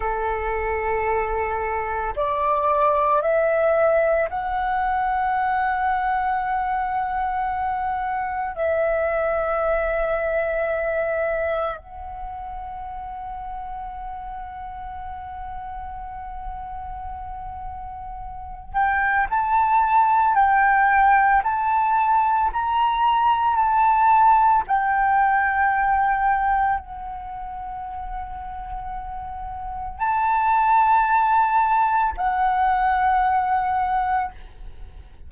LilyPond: \new Staff \with { instrumentName = "flute" } { \time 4/4 \tempo 4 = 56 a'2 d''4 e''4 | fis''1 | e''2. fis''4~ | fis''1~ |
fis''4. g''8 a''4 g''4 | a''4 ais''4 a''4 g''4~ | g''4 fis''2. | a''2 fis''2 | }